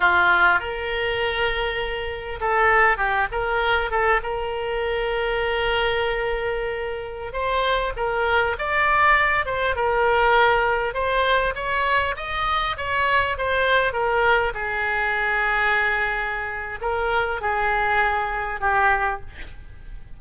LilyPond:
\new Staff \with { instrumentName = "oboe" } { \time 4/4 \tempo 4 = 100 f'4 ais'2. | a'4 g'8 ais'4 a'8 ais'4~ | ais'1~ | ais'16 c''4 ais'4 d''4. c''16~ |
c''16 ais'2 c''4 cis''8.~ | cis''16 dis''4 cis''4 c''4 ais'8.~ | ais'16 gis'2.~ gis'8. | ais'4 gis'2 g'4 | }